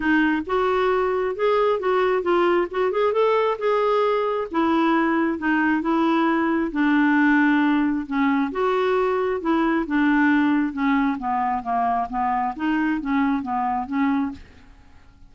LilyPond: \new Staff \with { instrumentName = "clarinet" } { \time 4/4 \tempo 4 = 134 dis'4 fis'2 gis'4 | fis'4 f'4 fis'8 gis'8 a'4 | gis'2 e'2 | dis'4 e'2 d'4~ |
d'2 cis'4 fis'4~ | fis'4 e'4 d'2 | cis'4 b4 ais4 b4 | dis'4 cis'4 b4 cis'4 | }